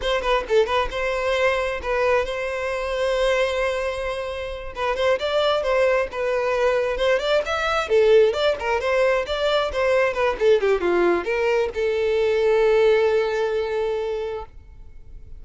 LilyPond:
\new Staff \with { instrumentName = "violin" } { \time 4/4 \tempo 4 = 133 c''8 b'8 a'8 b'8 c''2 | b'4 c''2.~ | c''2~ c''8 b'8 c''8 d''8~ | d''8 c''4 b'2 c''8 |
d''8 e''4 a'4 d''8 ais'8 c''8~ | c''8 d''4 c''4 b'8 a'8 g'8 | f'4 ais'4 a'2~ | a'1 | }